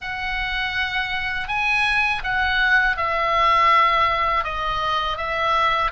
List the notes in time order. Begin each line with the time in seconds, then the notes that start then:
0.01 F#5
1.47 G#5
2.23 F#5
2.96 E5
4.43 D#5
5.17 E5